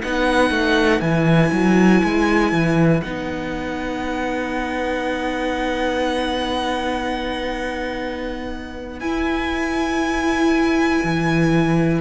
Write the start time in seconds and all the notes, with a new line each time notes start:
0.00 B3 D#4 B4 F#5
0.51 A3
1.01 E3 E4 G#5
1.52 F#3
2.04 G#3
2.52 E3
3.02 B3 D#4 F#5
9.00 E4 G#5
11.04 E3